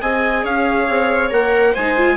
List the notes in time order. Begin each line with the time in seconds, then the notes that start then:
0.00 C4 G#4 D#5 G#5
0.43 C#4 C#5 F5
0.88 C4
1.30 A#3 A#4 F#5
1.71 G#3 C5 G#5
1.78 D#4
1.97 F4